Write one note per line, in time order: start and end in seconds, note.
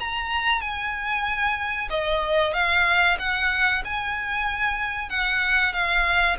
0.00 0.61 A#5
0.61 1.89 G#5
1.90 2.54 D#5
2.54 3.17 F5
3.19 3.83 F#5
3.85 5.09 G#5
5.09 5.73 F#5
5.73 6.37 F5